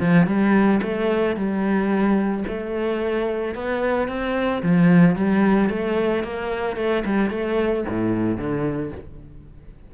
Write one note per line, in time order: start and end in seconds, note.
0.00 0.27 F3
0.27 0.81 G3
0.82 1.36 A3
1.36 2.44 G3
2.47 3.55 A3
3.55 4.08 B3
4.08 4.62 C4
4.63 5.15 F3
5.15 5.69 G3
5.69 6.23 A3
6.24 6.76 A#3
6.76 7.03 A3
7.05 7.30 G3
7.30 7.85 A3
7.89 8.37 A2
8.37 8.91 D3